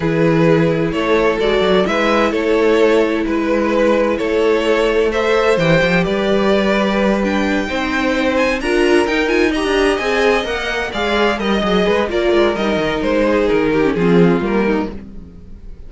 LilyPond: <<
  \new Staff \with { instrumentName = "violin" } { \time 4/4 \tempo 4 = 129 b'2 cis''4 d''4 | e''4 cis''2 b'4~ | b'4 cis''2 e''4 | g''4 d''2~ d''8 g''8~ |
g''2 gis''8 ais''4 g''8 | gis''8 ais''4 gis''4 fis''4 f''8~ | f''8 dis''4. d''4 dis''4 | c''4 ais'4 gis'4 ais'4 | }
  \new Staff \with { instrumentName = "violin" } { \time 4/4 gis'2 a'2 | b'4 a'2 b'4~ | b'4 a'2 c''4~ | c''4 b'2.~ |
b'8 c''2 ais'4.~ | ais'8 dis''2. d''8~ | d''8 dis''4 b'8 ais'2~ | ais'8 gis'4 g'8 f'4. dis'8 | }
  \new Staff \with { instrumentName = "viola" } { \time 4/4 e'2. fis'4 | e'1~ | e'2. a'4 | g'2.~ g'8 d'8~ |
d'8 dis'2 f'4 dis'8 | f'8 g'4 gis'4 ais'4 gis'8~ | gis'8 ais'8 gis'4 f'4 dis'4~ | dis'4.~ dis'16 cis'16 c'4 ais4 | }
  \new Staff \with { instrumentName = "cello" } { \time 4/4 e2 a4 gis8 fis8 | gis4 a2 gis4~ | gis4 a2. | e8 f8 g2.~ |
g8 c'2 d'4 dis'8~ | dis'8. d'8. c'4 ais4 gis8~ | gis8 g8 fis8 gis8 ais8 gis8 g8 dis8 | gis4 dis4 f4 g4 | }
>>